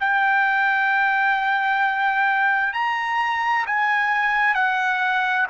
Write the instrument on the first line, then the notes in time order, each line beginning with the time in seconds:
trumpet
0.00 G5
2.73 A#5
3.66 G#5
4.54 F#5